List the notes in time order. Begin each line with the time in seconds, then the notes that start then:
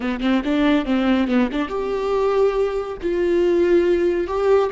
0.00 B3
0.20 C4
0.44 D4
0.85 C4
1.27 B3
1.52 D4
1.68 G4
3.01 F4
4.27 G4